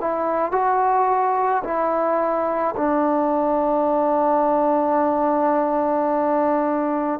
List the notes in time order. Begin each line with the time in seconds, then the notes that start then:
0.00 E4
0.52 F#4
1.64 E4
2.77 D4